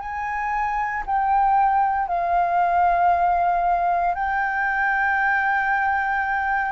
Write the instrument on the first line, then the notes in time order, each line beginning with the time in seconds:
flute
0.00 G#5
1.06 G5
2.08 F5
4.14 G5